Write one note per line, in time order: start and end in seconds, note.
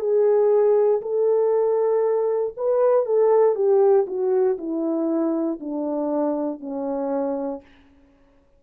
0.00 1.02 G#4
1.02 2.55 A4
2.57 3.06 B4
3.06 3.56 A4
3.56 4.07 G4
4.07 4.58 F#4
4.59 5.60 E4
5.60 6.61 D4
6.61 7.62 C#4